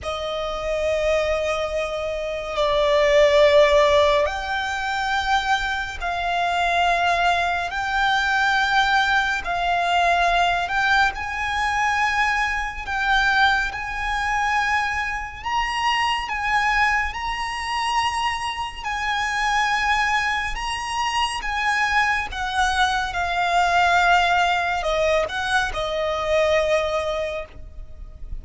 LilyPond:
\new Staff \with { instrumentName = "violin" } { \time 4/4 \tempo 4 = 70 dis''2. d''4~ | d''4 g''2 f''4~ | f''4 g''2 f''4~ | f''8 g''8 gis''2 g''4 |
gis''2 ais''4 gis''4 | ais''2 gis''2 | ais''4 gis''4 fis''4 f''4~ | f''4 dis''8 fis''8 dis''2 | }